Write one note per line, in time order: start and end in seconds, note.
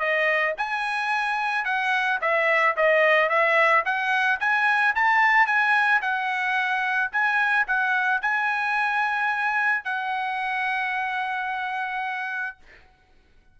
0.00 0.55 D#5
0.58 1.65 G#5
1.65 2.20 F#5
2.22 2.76 E5
2.77 3.30 D#5
3.30 3.84 E5
3.86 4.40 F#5
4.41 4.95 G#5
4.95 5.47 A5
5.47 6.01 G#5
6.02 7.11 F#5
7.12 7.67 G#5
7.68 8.22 F#5
8.22 9.85 G#5
9.85 12.58 F#5